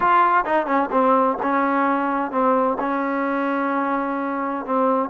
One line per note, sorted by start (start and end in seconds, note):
0.00 0.44 F4
0.45 0.66 D#4
0.66 0.89 C#4
0.91 1.37 C4
1.42 2.31 C#4
2.31 2.77 C4
2.79 4.65 C#4
4.65 5.09 C4